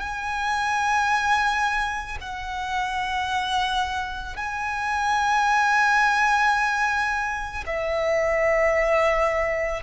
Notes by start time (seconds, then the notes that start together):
0.00 G#5
2.21 F#5
4.37 G#5
7.67 E5